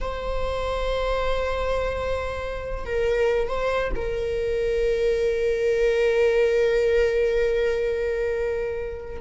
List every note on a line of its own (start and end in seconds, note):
0.00 2.85 C5
2.85 3.48 A#4
3.48 3.91 C5
3.95 9.21 A#4